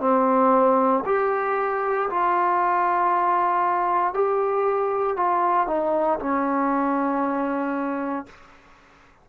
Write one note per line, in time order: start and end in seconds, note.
0.00 1.03 C4
1.05 2.09 G4
2.10 4.14 F4
4.14 5.17 G4
5.17 5.67 F4
5.67 6.19 D#4
6.19 8.26 C#4